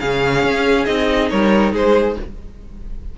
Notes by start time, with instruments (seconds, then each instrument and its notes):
0.00 cello C#3, viola C#4, violin G#4 F5
0.44 cello C#4
0.86 cello C4, viola D#4, violin D#5
1.30 cello G3, violin A#4 C#5
1.73 cello G#3, violin G#4 C5